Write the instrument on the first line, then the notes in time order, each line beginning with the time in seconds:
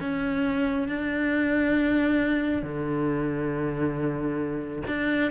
cello
0.00 C#4
0.88 D4
2.62 D3
4.87 D4